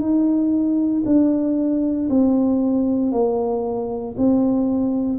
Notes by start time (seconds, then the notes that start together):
0.00 D#4
1.06 D4
2.10 C4
3.12 A#3
4.18 C4